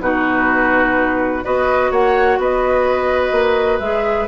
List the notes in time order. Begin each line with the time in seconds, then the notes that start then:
0.00 B2 D#4 F#4 B4
1.43 B3 F#4 B4 D#5
1.91 A#3 C#5 F#5
2.37 B3 B4 D#5
3.31 A#3
3.79 G#3 G#4 E5